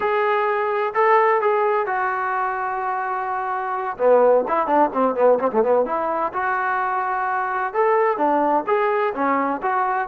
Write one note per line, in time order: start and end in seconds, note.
0.00 0.93 G#4
0.94 1.41 A4
1.41 1.86 G#4
1.86 3.97 F#4
3.97 4.44 B3
4.48 4.66 E4
4.66 4.90 D4
4.93 5.15 C4
5.15 5.38 B3
5.39 5.51 C4
5.52 5.62 A3
5.62 5.85 B3
5.85 6.32 E4
6.33 7.73 F#4
7.73 8.17 A4
8.17 8.64 D4
8.67 9.13 G#4
9.14 9.61 C#4
9.62 10.08 F#4